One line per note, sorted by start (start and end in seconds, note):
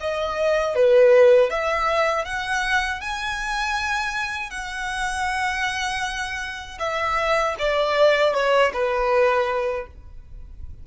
0.00 0.75 D#5
0.75 1.50 B4
1.50 2.24 E5
2.24 3.00 F#5
3.00 4.50 G#5
4.50 6.78 F#5
6.79 7.55 E5
7.58 8.34 D5
8.34 8.72 C#5
8.73 9.87 B4